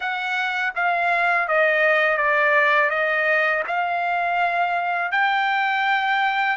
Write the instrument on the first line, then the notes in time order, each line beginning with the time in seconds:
trumpet
0.00 F#5
0.75 F5
1.48 D#5
2.17 D5
2.90 D#5
3.67 F5
5.11 G5